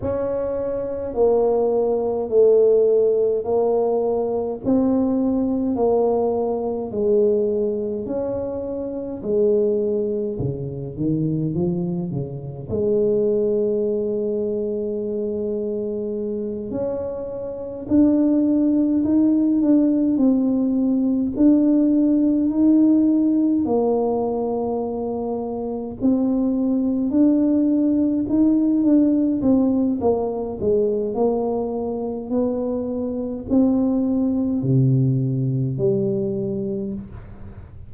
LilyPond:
\new Staff \with { instrumentName = "tuba" } { \time 4/4 \tempo 4 = 52 cis'4 ais4 a4 ais4 | c'4 ais4 gis4 cis'4 | gis4 cis8 dis8 f8 cis8 gis4~ | gis2~ gis8 cis'4 d'8~ |
d'8 dis'8 d'8 c'4 d'4 dis'8~ | dis'8 ais2 c'4 d'8~ | d'8 dis'8 d'8 c'8 ais8 gis8 ais4 | b4 c'4 c4 g4 | }